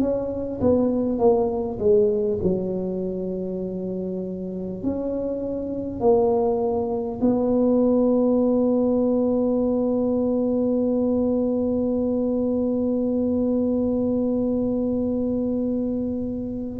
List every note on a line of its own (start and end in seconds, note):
0.00 0.60 C#4
0.61 1.19 B3
1.19 1.79 A#3
1.79 2.39 G#3
2.43 4.83 F#3
4.83 6.01 C#4
6.01 7.21 A#3
7.21 16.79 B3